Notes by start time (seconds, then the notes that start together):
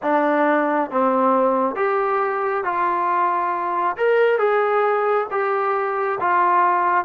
0.02 D4
0.91 C4
1.75 G4
2.64 F4
3.96 A#4
4.38 G#4
5.30 G4
6.20 F4